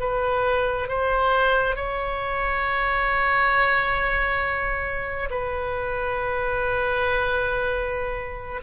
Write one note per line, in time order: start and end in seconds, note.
0.00 0.88 B4
0.88 1.76 C5
1.76 5.29 C#5
5.30 8.61 B4